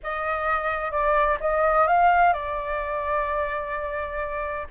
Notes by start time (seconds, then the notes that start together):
0.03 D#5
0.91 D5
1.40 D#5
1.87 F5
2.33 D5